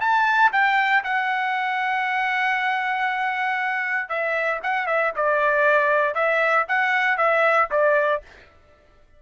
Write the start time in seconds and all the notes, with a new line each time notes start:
0.00 A5
0.52 G5
1.04 F#5
4.09 E5
4.63 F#5
4.86 E5
5.16 D5
6.14 E5
6.68 F#5
7.18 E5
7.71 D5